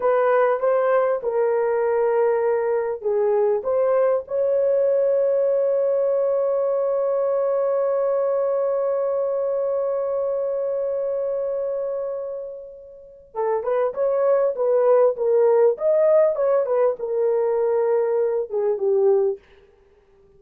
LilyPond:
\new Staff \with { instrumentName = "horn" } { \time 4/4 \tempo 4 = 99 b'4 c''4 ais'2~ | ais'4 gis'4 c''4 cis''4~ | cis''1~ | cis''1~ |
cis''1~ | cis''2 a'8 b'8 cis''4 | b'4 ais'4 dis''4 cis''8 b'8 | ais'2~ ais'8 gis'8 g'4 | }